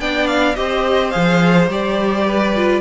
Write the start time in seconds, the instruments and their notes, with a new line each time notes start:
0.00 cello B3, viola D4, violin D5 G5
0.27 violin F5
0.56 cello C4, viola G4, violin C5 D#5
1.11 cello F3, viola G#4, violin F5
1.69 cello G3, viola G4, violin D5
2.26 violin B4
2.56 viola F4